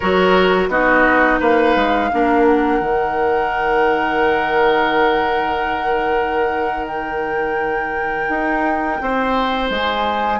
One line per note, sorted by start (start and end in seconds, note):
0.00 0.68 F#3
0.00 0.70 F#4
0.00 0.69 A#4
0.00 0.68 C#5
0.68 1.38 B3
0.68 2.11 D#4
0.68 1.40 F#4
0.68 1.40 D#5
1.40 1.75 A#3
1.40 2.10 B4
1.40 2.45 F5
1.75 2.10 G#3
2.12 2.80 A#3
2.12 2.82 D4
2.12 9.02 A#4
2.45 6.86 F#5
2.80 8.27 D#3
2.80 10.39 D#4
6.87 9.69 G5
8.29 8.99 D#4
9.01 9.69 C4
9.01 10.39 C5
9.69 10.39 G#3
9.69 10.39 G#5